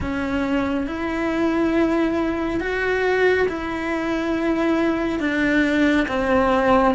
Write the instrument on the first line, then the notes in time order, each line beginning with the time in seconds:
cello
0.00 C#4
0.86 E4
2.60 F#4
3.48 E4
5.19 D4
6.08 C4